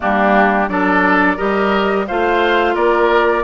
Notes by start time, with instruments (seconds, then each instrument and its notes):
0.00 bassoon G3, clarinet A#3, oboe D4, flute G4
0.68 bassoon F#3, clarinet D4, oboe A4, flute D5
1.36 bassoon G3, clarinet G4, oboe A#4, flute D#5
2.07 bassoon A3, clarinet F4, oboe C5, flute F5
2.74 bassoon A#3, oboe A#4, flute D5